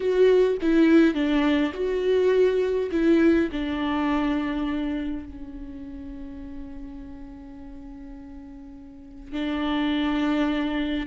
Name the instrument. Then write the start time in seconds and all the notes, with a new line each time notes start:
viola
0.00 F#4
0.61 E4
1.14 D4
1.73 F#4
2.91 E4
3.51 D4
5.26 C#4
9.32 D4